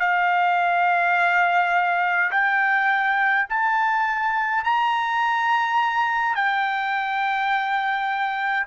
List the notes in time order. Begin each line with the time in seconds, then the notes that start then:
0.00 F5
2.31 G5
3.49 A5
4.64 A#5
6.35 G5